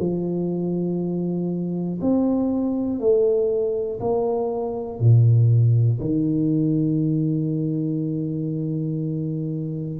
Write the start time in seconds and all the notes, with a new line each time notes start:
0.00 F3
2.01 C4
3.00 A3
4.00 A#3
5.00 A#2
6.00 D#3